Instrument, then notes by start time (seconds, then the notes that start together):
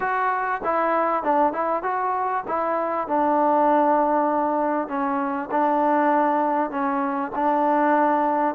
trombone
0.00 F#4
0.64 E4
1.23 D4
1.52 E4
1.82 F#4
2.47 E4
3.07 D4
4.88 C#4
5.51 D4
6.70 C#4
7.35 D4